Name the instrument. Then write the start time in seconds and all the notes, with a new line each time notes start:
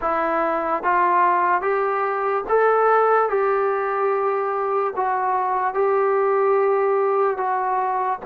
trombone
0.01 E4
0.83 F4
1.61 G4
2.48 A4
3.29 G4
4.95 F#4
5.73 G4
7.37 F#4